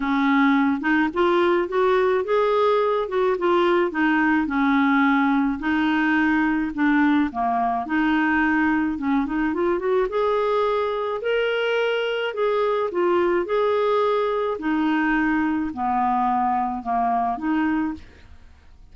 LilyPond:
\new Staff \with { instrumentName = "clarinet" } { \time 4/4 \tempo 4 = 107 cis'4. dis'8 f'4 fis'4 | gis'4. fis'8 f'4 dis'4 | cis'2 dis'2 | d'4 ais4 dis'2 |
cis'8 dis'8 f'8 fis'8 gis'2 | ais'2 gis'4 f'4 | gis'2 dis'2 | b2 ais4 dis'4 | }